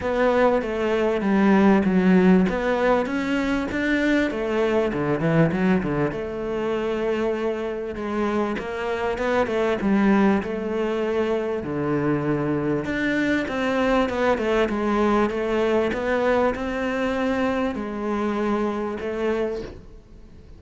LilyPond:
\new Staff \with { instrumentName = "cello" } { \time 4/4 \tempo 4 = 98 b4 a4 g4 fis4 | b4 cis'4 d'4 a4 | d8 e8 fis8 d8 a2~ | a4 gis4 ais4 b8 a8 |
g4 a2 d4~ | d4 d'4 c'4 b8 a8 | gis4 a4 b4 c'4~ | c'4 gis2 a4 | }